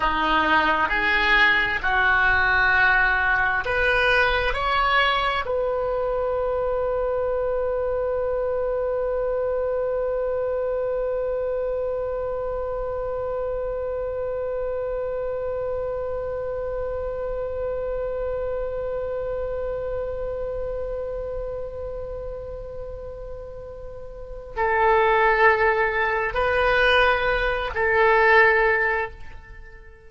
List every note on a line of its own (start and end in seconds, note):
0.00 0.88 D#4
0.88 1.79 G#4
1.82 3.64 F#4
3.65 4.53 B4
4.53 5.44 C#5
5.45 24.55 B4
24.56 26.34 A4
26.34 27.70 B4
27.74 29.10 A4